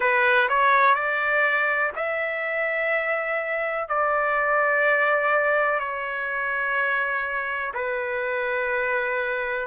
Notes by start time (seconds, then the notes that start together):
0.00 B4
0.48 C#5
0.94 D5
1.96 E5
3.88 D5
5.79 C#5
7.74 B4